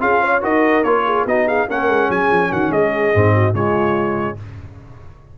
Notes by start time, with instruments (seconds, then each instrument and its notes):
0.00 tuba C#4, trombone F4, horn G#4, trumpet F5
0.22 horn C#5
0.41 tuba D#4, trombone F#4, horn A#4, trumpet D#5
0.84 tuba A#3, trombone F4, trumpet C#5
1.05 horn G#4
1.26 tuba B3, trombone D#4, horn F#4, trumpet D#5
1.47 horn G#4, trumpet F5
1.69 tuba A#3, trombone C#4, horn A#4, trumpet F#5
1.88 tuba G#3
2.09 tuba F#3, horn G#4, trumpet G#5
2.30 tuba F3
2.50 tuba D#3, horn F#4, trumpet F#5
2.71 tuba G#3, horn G#4, trumpet D#5
3.14 tuba G#2, trombone C4
3.34 horn F#4
3.54 tuba C#3, trombone G#3, horn F4, trumpet C#5